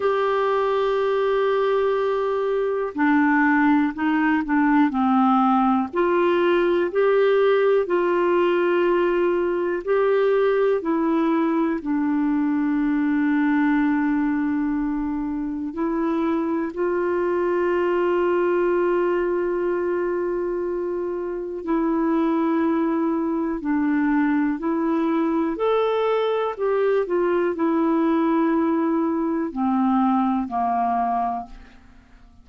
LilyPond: \new Staff \with { instrumentName = "clarinet" } { \time 4/4 \tempo 4 = 61 g'2. d'4 | dis'8 d'8 c'4 f'4 g'4 | f'2 g'4 e'4 | d'1 |
e'4 f'2.~ | f'2 e'2 | d'4 e'4 a'4 g'8 f'8 | e'2 c'4 ais4 | }